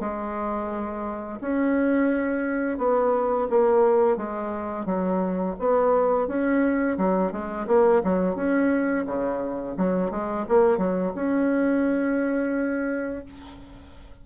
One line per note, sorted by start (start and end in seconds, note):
0.00 1.40 G#3
1.41 2.78 C#4
2.78 3.48 B3
3.50 4.17 A#3
4.17 4.86 G#3
4.86 5.56 F#3
5.59 6.28 B3
6.28 6.98 C#4
6.98 7.32 F#3
7.32 7.67 G#3
7.67 8.02 A#3
8.04 8.36 F#3
8.36 9.06 C#4
9.06 9.76 C#3
9.77 10.11 F#3
10.11 10.46 G#3
10.49 10.78 A#3
10.78 11.12 F#3
11.16 13.25 C#4